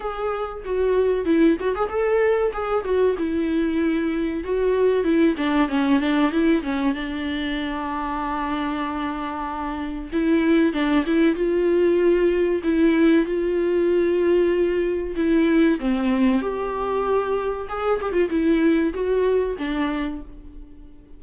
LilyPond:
\new Staff \with { instrumentName = "viola" } { \time 4/4 \tempo 4 = 95 gis'4 fis'4 e'8 fis'16 gis'16 a'4 | gis'8 fis'8 e'2 fis'4 | e'8 d'8 cis'8 d'8 e'8 cis'8 d'4~ | d'1 |
e'4 d'8 e'8 f'2 | e'4 f'2. | e'4 c'4 g'2 | gis'8 g'16 f'16 e'4 fis'4 d'4 | }